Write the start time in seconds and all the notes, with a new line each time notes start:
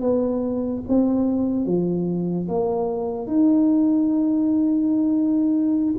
0.00 B3
0.88 C4
1.65 F3
2.48 A#3
3.27 D#4